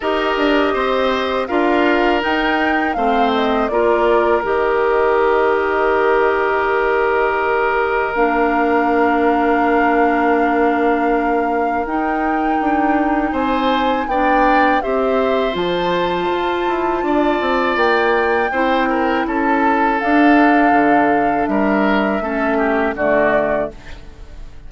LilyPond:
<<
  \new Staff \with { instrumentName = "flute" } { \time 4/4 \tempo 4 = 81 dis''2 f''4 g''4 | f''8 dis''8 d''4 dis''2~ | dis''2. f''4~ | f''1 |
g''2 gis''4 g''4 | e''4 a''2. | g''2 a''4 f''4~ | f''4 e''2 d''4 | }
  \new Staff \with { instrumentName = "oboe" } { \time 4/4 ais'4 c''4 ais'2 | c''4 ais'2.~ | ais'1~ | ais'1~ |
ais'2 c''4 d''4 | c''2. d''4~ | d''4 c''8 ais'8 a'2~ | a'4 ais'4 a'8 g'8 fis'4 | }
  \new Staff \with { instrumentName = "clarinet" } { \time 4/4 g'2 f'4 dis'4 | c'4 f'4 g'2~ | g'2. d'4~ | d'1 |
dis'2. d'4 | g'4 f'2.~ | f'4 e'2 d'4~ | d'2 cis'4 a4 | }
  \new Staff \with { instrumentName = "bassoon" } { \time 4/4 dis'8 d'8 c'4 d'4 dis'4 | a4 ais4 dis2~ | dis2. ais4~ | ais1 |
dis'4 d'4 c'4 b4 | c'4 f4 f'8 e'8 d'8 c'8 | ais4 c'4 cis'4 d'4 | d4 g4 a4 d4 | }
>>